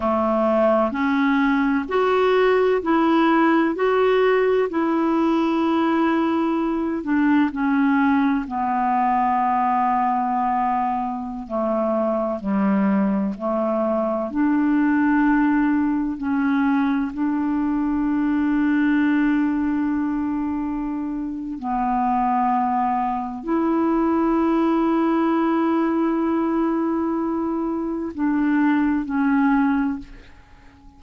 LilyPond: \new Staff \with { instrumentName = "clarinet" } { \time 4/4 \tempo 4 = 64 a4 cis'4 fis'4 e'4 | fis'4 e'2~ e'8 d'8 | cis'4 b2.~ | b16 a4 g4 a4 d'8.~ |
d'4~ d'16 cis'4 d'4.~ d'16~ | d'2. b4~ | b4 e'2.~ | e'2 d'4 cis'4 | }